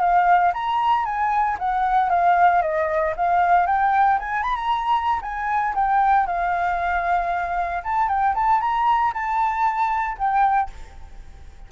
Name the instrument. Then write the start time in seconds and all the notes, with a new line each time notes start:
flute
0.00 F5
0.53 A#5
1.05 G#5
1.59 F#5
2.10 F5
2.62 D#5
3.16 F5
3.66 G5
4.19 G#5
4.43 B5
4.56 A#5
5.22 G#5
5.74 G5
6.26 F5
7.84 A5
8.08 G5
8.35 A5
8.61 A#5
9.13 A5
10.18 G5